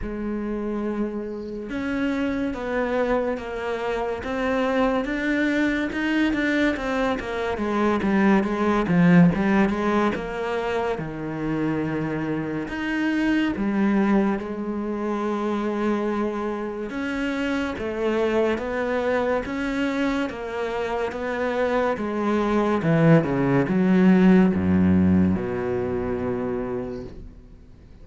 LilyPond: \new Staff \with { instrumentName = "cello" } { \time 4/4 \tempo 4 = 71 gis2 cis'4 b4 | ais4 c'4 d'4 dis'8 d'8 | c'8 ais8 gis8 g8 gis8 f8 g8 gis8 | ais4 dis2 dis'4 |
g4 gis2. | cis'4 a4 b4 cis'4 | ais4 b4 gis4 e8 cis8 | fis4 fis,4 b,2 | }